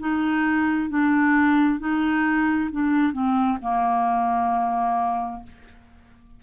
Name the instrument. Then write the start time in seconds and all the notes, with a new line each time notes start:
clarinet
0.00 D#4
0.90 D4
1.80 D#4
2.72 D4
3.13 C4
3.62 A#3